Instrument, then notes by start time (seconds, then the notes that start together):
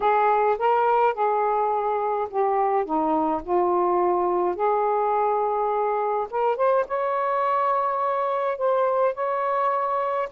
saxophone
0.00 G#4
0.58 A#4
1.14 G#4
2.29 G4
2.85 D#4
3.43 F4
4.55 G#4
6.30 A#4
6.56 C5
6.87 C#5
8.57 C5
9.14 C#5